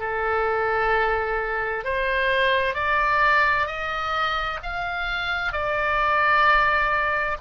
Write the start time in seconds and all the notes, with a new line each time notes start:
0.00 A4
1.85 C5
2.75 D5
3.67 D#5
4.63 F5
5.53 D5